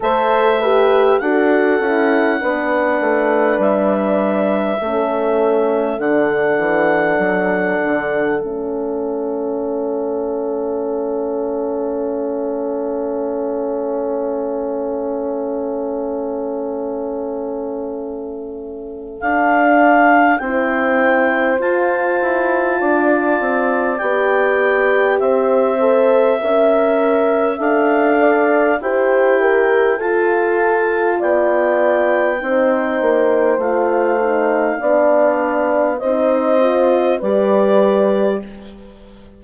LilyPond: <<
  \new Staff \with { instrumentName = "clarinet" } { \time 4/4 \tempo 4 = 50 e''4 fis''2 e''4~ | e''4 fis''2 e''4~ | e''1~ | e''1 |
f''4 g''4 a''2 | g''4 e''2 f''4 | g''4 a''4 g''2 | f''2 dis''4 d''4 | }
  \new Staff \with { instrumentName = "horn" } { \time 4/4 c''8 b'8 a'4 b'2 | a'1~ | a'1~ | a'1~ |
a'4 c''2 d''4~ | d''4 c''4 e''4. d''8 | c''8 ais'8 a'4 d''4 c''4~ | c''4 d''4 c''4 b'4 | }
  \new Staff \with { instrumentName = "horn" } { \time 4/4 a'8 g'8 fis'8 e'8 d'2 | cis'4 d'2 cis'4~ | cis'1~ | cis'1 |
d'4 e'4 f'2 | g'4. a'8 ais'4 a'4 | g'4 f'2 dis'4 | f'8 dis'8 d'4 dis'8 f'8 g'4 | }
  \new Staff \with { instrumentName = "bassoon" } { \time 4/4 a4 d'8 cis'8 b8 a8 g4 | a4 d8 e8 fis8 d8 a4~ | a1~ | a1 |
d'4 c'4 f'8 e'8 d'8 c'8 | b4 c'4 cis'4 d'4 | e'4 f'4 b4 c'8 ais8 | a4 b4 c'4 g4 | }
>>